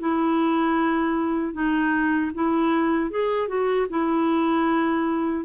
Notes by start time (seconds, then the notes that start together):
0.00 E4
1.54 D#4
2.35 E4
3.11 G#4
3.48 F#4
3.90 E4